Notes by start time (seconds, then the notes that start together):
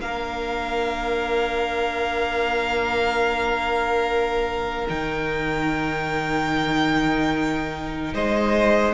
0.00 A#3 D4 A#4 F5
4.87 D#3 D#4 G5
8.14 G#3 C5 D#5